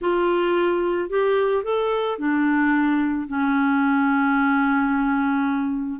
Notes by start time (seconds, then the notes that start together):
0.01 F4
1.09 G4
1.63 A4
2.18 D4
3.27 C#4